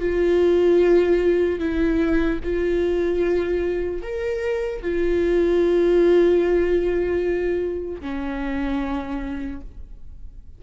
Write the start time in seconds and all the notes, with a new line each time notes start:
0.00 F4
1.60 E4
2.43 F4
4.02 A#4
4.82 F4
8.01 C#4